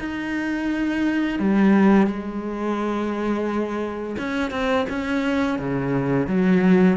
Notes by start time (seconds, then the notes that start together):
0.00 D#4
1.40 G3
2.07 G#3
4.19 C#4
4.51 C4
4.90 C#4
5.59 C#3
6.28 F#3